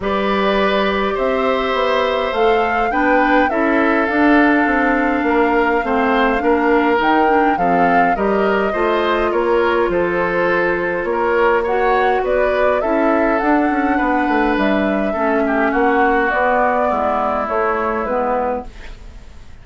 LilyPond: <<
  \new Staff \with { instrumentName = "flute" } { \time 4/4 \tempo 4 = 103 d''2 e''2 | f''4 g''4 e''4 f''4~ | f''1 | g''4 f''4 dis''2 |
cis''4 c''2 cis''4 | fis''4 d''4 e''4 fis''4~ | fis''4 e''2 fis''4 | d''2 cis''4 b'4 | }
  \new Staff \with { instrumentName = "oboe" } { \time 4/4 b'2 c''2~ | c''4 b'4 a'2~ | a'4 ais'4 c''4 ais'4~ | ais'4 a'4 ais'4 c''4 |
ais'4 a'2 ais'4 | cis''4 b'4 a'2 | b'2 a'8 g'8 fis'4~ | fis'4 e'2. | }
  \new Staff \with { instrumentName = "clarinet" } { \time 4/4 g'1 | a'4 d'4 e'4 d'4~ | d'2 c'4 d'4 | dis'8 d'8 c'4 g'4 f'4~ |
f'1 | fis'2 e'4 d'4~ | d'2 cis'2 | b2 a4 b4 | }
  \new Staff \with { instrumentName = "bassoon" } { \time 4/4 g2 c'4 b4 | a4 b4 cis'4 d'4 | c'4 ais4 a4 ais4 | dis4 f4 g4 a4 |
ais4 f2 ais4~ | ais4 b4 cis'4 d'8 cis'8 | b8 a8 g4 a4 ais4 | b4 gis4 a4 gis4 | }
>>